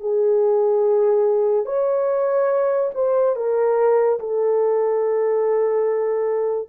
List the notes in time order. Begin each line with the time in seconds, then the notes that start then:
0.00 G#4
1.65 C#5
2.94 C5
3.36 A#4
4.19 A4